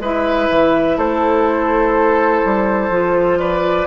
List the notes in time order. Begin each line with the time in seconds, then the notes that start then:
0.00 G#3 E4 B4 E5
0.50 E3
0.98 A3 A4 C5
2.45 G3
2.90 F3 F4
3.39 B4 D5